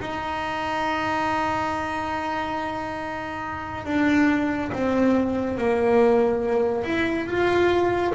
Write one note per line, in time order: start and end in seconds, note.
0.00 3.85 D#4
3.85 4.71 D4
4.72 5.58 C4
5.58 6.84 A#3
6.84 7.27 E4
7.27 8.12 F4